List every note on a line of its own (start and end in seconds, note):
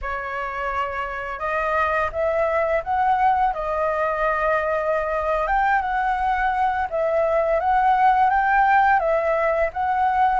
0.01 1.39 C#5
1.39 2.10 D#5
2.12 2.82 E5
2.83 3.53 F#5
3.53 5.47 D#5
5.47 5.81 G5
5.81 6.87 F#5
6.90 7.59 E5
7.59 8.29 F#5
8.29 8.99 G5
8.99 9.70 E5
9.73 10.40 F#5